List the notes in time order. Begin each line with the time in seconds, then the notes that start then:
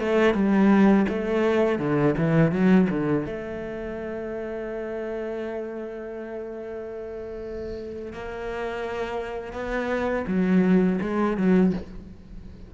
0.00 A3
0.34 G3
1.09 A3
1.79 D3
2.18 E3
2.52 F#3
2.90 D3
3.26 A3
8.13 A#3
9.53 B3
10.27 F#3
11.02 G#3
11.38 F#3